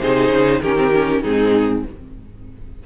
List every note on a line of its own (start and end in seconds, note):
0.00 0.29 C3
0.00 0.63 D#4
0.00 0.62 G#4
0.00 0.61 C5
0.29 0.60 C#3
0.61 1.23 D#3
0.61 0.76 C#4
0.61 1.22 G4
0.61 1.22 A#4
0.76 0.91 C4
0.93 1.24 C#4
1.22 1.84 G#2
1.22 1.85 C4
1.22 1.83 D#4
1.22 1.84 G#4